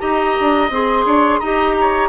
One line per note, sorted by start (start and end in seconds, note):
0.00 0.37 D#4
0.00 0.70 G4
0.00 1.06 D#5
0.00 0.70 A#5
0.41 0.70 D4
0.70 1.05 C4
0.70 1.43 G#4
0.70 1.40 C6
1.06 1.40 D4
1.06 1.40 C#5
1.40 2.09 D#4
1.40 2.09 G4
1.40 1.75 D#5
1.40 2.09 A#5
1.81 2.09 C#5